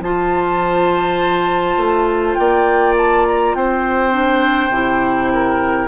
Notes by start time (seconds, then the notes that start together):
0.00 F3 F4 C5 A5
1.77 A3
2.35 A#3 D5 G5
2.97 A5
3.27 A#5
3.54 C4 C5 G5
4.12 D4
4.70 C3 E4
5.33 A#4